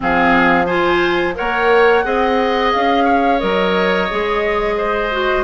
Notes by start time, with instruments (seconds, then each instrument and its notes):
0.00 bassoon F3, clarinet C4, oboe G#4, flute F5
0.65 clarinet F4, oboe C5, flute G#5
1.34 bassoon A#3, clarinet A#4, oboe C#5, flute F#5
2.03 bassoon C4, clarinet G#4, oboe D#5
2.72 bassoon C#4, flute F5
3.04 oboe C#5
3.39 bassoon F#3, clarinet A#4, flute D#5
4.10 bassoon G#3, clarinet G#4
4.77 oboe C5
5.11 clarinet F#4